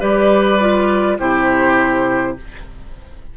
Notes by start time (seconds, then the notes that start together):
0.00 G3 G4 B4 D5
0.61 F4
1.19 C3 E4 G4 C5